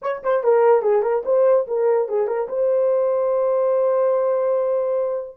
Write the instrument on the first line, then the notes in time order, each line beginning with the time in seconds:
horn
0.02 C#5
0.23 C5
0.43 A#4
0.82 G#4
1.02 A#4
1.25 C5
1.67 A#4
2.08 G#4
2.27 A#4
2.48 C5